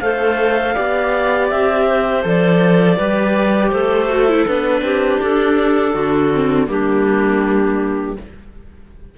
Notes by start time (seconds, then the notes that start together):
0.00 A3 A4 C5 F5
0.75 B3 G4 D5
1.49 C4 E5
1.87 C5
2.23 F3 A4 D5
2.97 G3 G4 B4
3.70 A3 A4 C5
4.10 F#4
4.29 E4
4.47 B3 D4 B4
4.82 C4 G4
5.22 D4 A4
5.93 D3 F#4
6.34 C4
6.67 G3 A#3 D4 G4